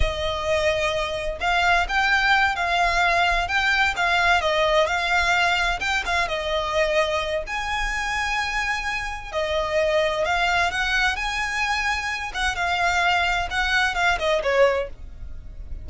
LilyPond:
\new Staff \with { instrumentName = "violin" } { \time 4/4 \tempo 4 = 129 dis''2. f''4 | g''4. f''2 g''8~ | g''8 f''4 dis''4 f''4.~ | f''8 g''8 f''8 dis''2~ dis''8 |
gis''1 | dis''2 f''4 fis''4 | gis''2~ gis''8 fis''8 f''4~ | f''4 fis''4 f''8 dis''8 cis''4 | }